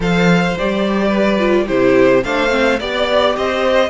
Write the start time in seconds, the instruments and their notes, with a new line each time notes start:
0.00 cello F3, viola A4, violin C5 F5
0.58 cello G3, viola G4, violin D5
1.07 violin B4
1.38 viola F4
1.66 cello C3, viola E4, violin G4 C5
2.23 cello A3, viola D4, violin C5 F5
2.49 viola C4
2.79 cello B3, viola G4, violin D5
3.36 cello C4, violin C5 D#5